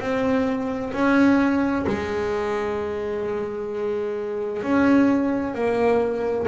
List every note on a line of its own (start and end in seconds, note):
0.00 0.92 C4
0.93 1.85 C#4
1.87 4.62 G#3
4.62 5.54 C#4
5.54 6.47 A#3